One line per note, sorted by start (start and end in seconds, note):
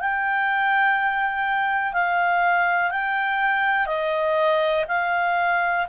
0.00 1.93 G5
1.93 2.91 F5
2.91 3.86 G5
3.86 4.85 D#5
4.88 5.87 F5